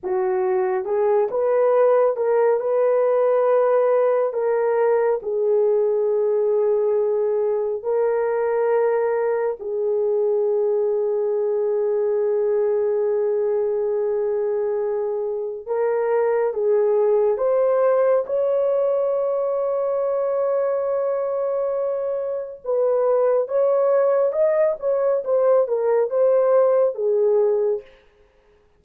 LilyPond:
\new Staff \with { instrumentName = "horn" } { \time 4/4 \tempo 4 = 69 fis'4 gis'8 b'4 ais'8 b'4~ | b'4 ais'4 gis'2~ | gis'4 ais'2 gis'4~ | gis'1~ |
gis'2 ais'4 gis'4 | c''4 cis''2.~ | cis''2 b'4 cis''4 | dis''8 cis''8 c''8 ais'8 c''4 gis'4 | }